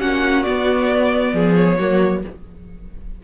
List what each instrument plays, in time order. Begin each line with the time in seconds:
0.00 cello A#3, viola C#4, violin F#4 F#5
0.43 viola B3, cello B3, violin D5
1.33 cello F3, violin G#4
1.55 violin C#5
1.78 cello F#3, viola A#3, violin F#4